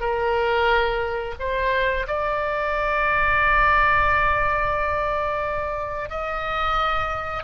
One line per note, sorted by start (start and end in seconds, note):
0.00 1.35 A#4
1.39 2.07 C5
2.07 6.09 D5
6.09 7.44 D#5